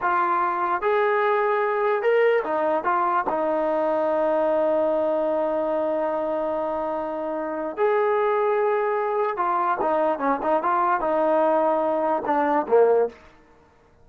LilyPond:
\new Staff \with { instrumentName = "trombone" } { \time 4/4 \tempo 4 = 147 f'2 gis'2~ | gis'4 ais'4 dis'4 f'4 | dis'1~ | dis'1~ |
dis'2. gis'4~ | gis'2. f'4 | dis'4 cis'8 dis'8 f'4 dis'4~ | dis'2 d'4 ais4 | }